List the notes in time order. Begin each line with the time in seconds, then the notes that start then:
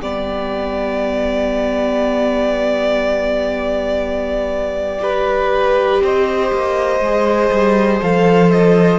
0.00 G3 B3 G4 D5
4.98 G4 B4
6.01 C4 C5 D#5
6.52 A#3
7.00 G#3 G#4
7.50 G3
8.01 F3 A4 F5
8.51 D#5